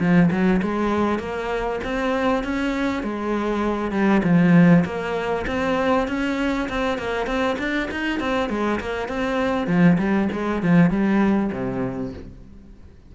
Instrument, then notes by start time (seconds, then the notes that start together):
cello
0.00 F3
0.31 F#3
0.63 G#3
1.20 A#3
1.84 C4
2.44 C#4
3.04 G#3
3.92 G3
4.24 F3
4.85 A#3
5.47 C4
6.08 C#4
6.69 C4
6.99 A#3
7.27 C4
7.59 D4
7.91 D#4
8.20 C4
8.50 G#3
8.81 A#3
9.09 C4
9.67 F3
9.99 G3
10.33 G#3
10.63 F3
10.91 G3
11.53 C3